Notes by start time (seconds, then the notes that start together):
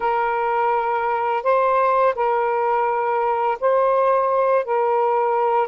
0.00 A#4
1.43 C5
2.15 A#4
3.60 C5
4.64 A#4